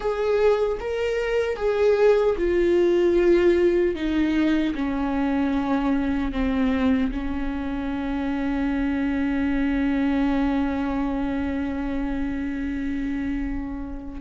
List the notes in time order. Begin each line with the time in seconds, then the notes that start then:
0.00 G#4
0.79 A#4
1.56 G#4
2.38 F4
3.95 D#4
4.74 C#4
6.32 C4
7.11 C#4